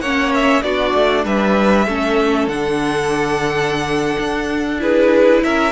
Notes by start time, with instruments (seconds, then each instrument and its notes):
0.00 cello A#3, viola C#4, violin C#5 F#5
0.35 violin E5
0.63 cello B3, viola D4, violin F#4 D5
0.94 cello A3
1.25 cello G3, violin B4 E5
1.87 cello A3, viola C#4, violin A4
2.48 cello D3, viola D4, violin F#5
4.19 cello D4
4.79 viola E4, violin G#4 B4
5.44 cello C#4, violin A#4 E5